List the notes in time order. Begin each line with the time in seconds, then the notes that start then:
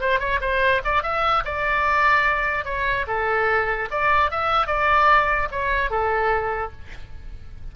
0.00 C5
0.19 C#5
0.40 C5
0.84 D5
1.03 E5
1.45 D5
2.65 C#5
3.07 A4
3.91 D5
4.31 E5
4.67 D5
5.51 C#5
5.90 A4